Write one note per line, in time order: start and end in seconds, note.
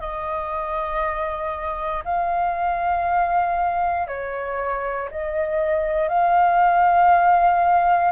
0.00 2.03 D#5
2.05 4.07 F5
4.07 5.09 C#5
5.11 6.09 D#5
6.09 8.12 F5